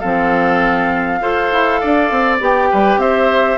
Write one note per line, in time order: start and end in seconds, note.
0.00 1.21 F3
0.00 1.21 C4
0.00 1.19 A4
0.00 2.38 F5
1.21 1.51 F4
1.21 2.40 A4
1.21 1.81 C5
1.52 1.82 E4
1.81 2.11 D4
1.81 2.70 D5
2.11 2.40 C4
2.40 2.70 B3
2.40 3.59 G4
2.40 3.00 G5
2.71 2.97 G3
2.71 3.01 B4
2.97 3.57 C4
2.97 3.59 C5
2.97 3.59 E5